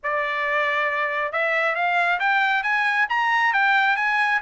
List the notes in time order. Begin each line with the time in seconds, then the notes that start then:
0.03 D5
1.32 E5
1.75 F5
2.19 G5
2.63 G#5
3.09 A#5
3.53 G5
3.96 G#5